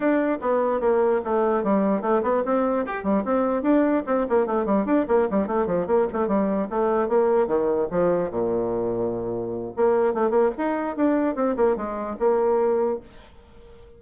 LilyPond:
\new Staff \with { instrumentName = "bassoon" } { \time 4/4 \tempo 4 = 148 d'4 b4 ais4 a4 | g4 a8 b8 c'4 g'8 g8 | c'4 d'4 c'8 ais8 a8 g8 | d'8 ais8 g8 a8 f8 ais8 a8 g8~ |
g8 a4 ais4 dis4 f8~ | f8 ais,2.~ ais,8 | ais4 a8 ais8 dis'4 d'4 | c'8 ais8 gis4 ais2 | }